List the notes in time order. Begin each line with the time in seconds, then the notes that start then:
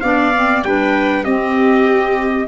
0.00 B3 D4 D5 F5
0.34 C4
0.63 G3 D4 B4 G5
1.23 C4 G4 D#5